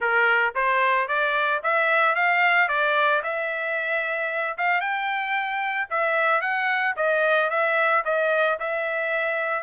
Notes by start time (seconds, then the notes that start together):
0.00 A#4
0.54 C5
1.08 D5
1.63 E5
2.15 F5
2.68 D5
3.23 E5
4.57 F5
4.81 G5
5.90 E5
6.41 F#5
6.96 D#5
7.50 E5
8.05 D#5
8.59 E5